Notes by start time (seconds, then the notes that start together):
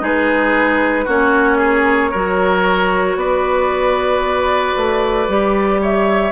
0.00 G#3 D#4 G#4 B4
1.05 A#3 C#4 F#4 C#5
1.58 G#4
2.12 F#3 F#4 A#4
3.16 B3 B4 D5
4.77 A3
5.28 G3 G4
5.82 C#5 E5